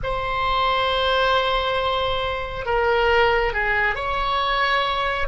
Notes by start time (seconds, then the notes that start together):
0.03 C5
2.65 A#4
3.53 G#4
3.95 C#5